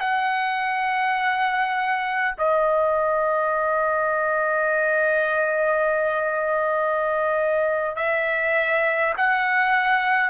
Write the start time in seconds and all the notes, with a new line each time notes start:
0.00 F#5
2.38 D#5
7.96 E5
9.17 F#5